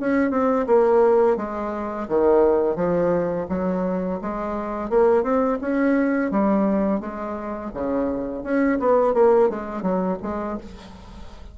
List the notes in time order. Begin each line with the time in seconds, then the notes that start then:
0.00 C#4
0.31 C4
0.67 A#3
1.37 G#3
2.09 D#3
2.76 F3
3.49 F#3
4.22 G#3
4.90 A#3
5.23 C4
5.61 C#4
6.31 G3
7.00 G#3
7.74 C#3
8.44 C#4
8.80 B3
9.14 A#3
9.50 G#3
9.82 F#3
10.23 G#3